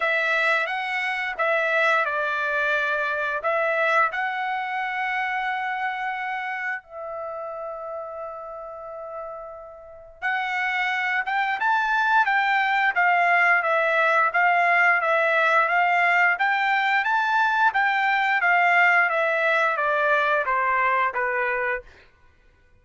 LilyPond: \new Staff \with { instrumentName = "trumpet" } { \time 4/4 \tempo 4 = 88 e''4 fis''4 e''4 d''4~ | d''4 e''4 fis''2~ | fis''2 e''2~ | e''2. fis''4~ |
fis''8 g''8 a''4 g''4 f''4 | e''4 f''4 e''4 f''4 | g''4 a''4 g''4 f''4 | e''4 d''4 c''4 b'4 | }